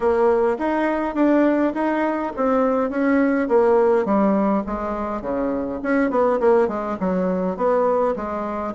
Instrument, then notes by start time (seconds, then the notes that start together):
bassoon
0.00 A#3
0.58 D#4
1.15 D4
1.74 D#4
2.36 C4
2.89 C#4
3.48 A#3
4.05 G3
4.66 G#3
5.21 C#3
5.83 C#4
6.10 B3
6.40 A#3
6.68 G#3
7.00 F#3
7.56 B3
8.16 G#3